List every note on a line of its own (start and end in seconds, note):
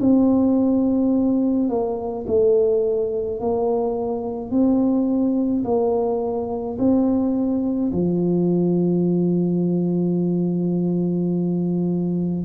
0.00 1.69 C4
1.69 2.25 A#3
2.27 3.40 A3
3.40 4.50 A#3
4.50 5.63 C4
5.64 6.77 A#3
6.79 7.92 C4
7.92 12.45 F3